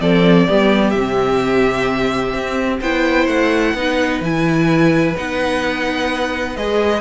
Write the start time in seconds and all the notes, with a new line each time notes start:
0.00 F3 C4 A4 D5
0.47 G3 B3 G4
0.89 C3 E5
0.97 C4
2.33 C4
2.79 B3 E4 C5 G5
3.27 A3 F#5
3.74 B3 D#4 B4
4.20 E3 E4 G#5
5.15 B3 D#4 F#5
6.56 G#3 G#4 D#5